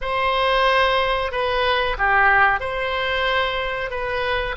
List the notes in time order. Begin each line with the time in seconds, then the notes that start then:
0.01 C5
1.31 B4
1.97 G4
2.60 C5
3.90 B4